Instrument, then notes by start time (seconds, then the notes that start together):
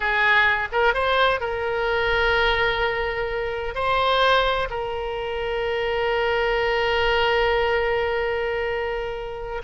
oboe
0.00 G#4
0.72 A#4
0.94 C5
1.40 A#4
3.74 C5
4.70 A#4